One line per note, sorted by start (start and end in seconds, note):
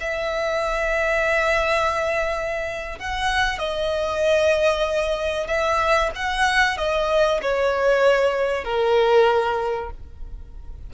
0.00 2.99 E5
2.99 3.59 F#5
3.59 5.47 D#5
5.47 6.11 E5
6.15 6.77 F#5
6.77 7.40 D#5
7.42 8.64 C#5
8.64 9.90 A#4